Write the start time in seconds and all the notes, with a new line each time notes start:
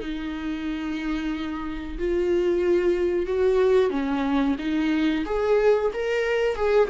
0.00 D#4
1.98 F4
3.26 F#4
3.90 C#4
4.58 D#4
5.25 G#4
5.93 A#4
6.56 G#4